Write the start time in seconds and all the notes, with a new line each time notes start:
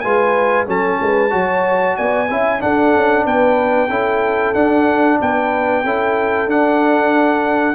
0.00 G#3 F4 B4 G#5
0.67 F#3 C#4 A4 A5
1.02 G#3 B4
1.30 F#3 F#4 C#5
1.97 B3 D5 G#5
2.30 C#4 E4 E5
2.60 D4 A4 F#5
2.96 C#4
3.26 B3 B4 G5
3.89 C#4 E4 A4
4.54 D4 F#5
5.20 B3 B4 G5
5.84 C#4 E4 A4
6.47 D4 F#5